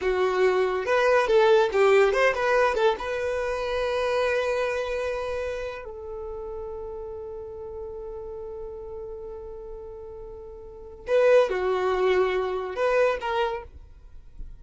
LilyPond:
\new Staff \with { instrumentName = "violin" } { \time 4/4 \tempo 4 = 141 fis'2 b'4 a'4 | g'4 c''8 b'4 a'8 b'4~ | b'1~ | b'4.~ b'16 a'2~ a'16~ |
a'1~ | a'1~ | a'2 b'4 fis'4~ | fis'2 b'4 ais'4 | }